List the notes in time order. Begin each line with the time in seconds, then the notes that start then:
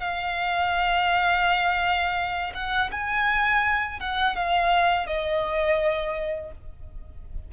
0.00 F5
2.54 F#5
2.91 G#5
4.00 F#5
4.36 F5
5.07 D#5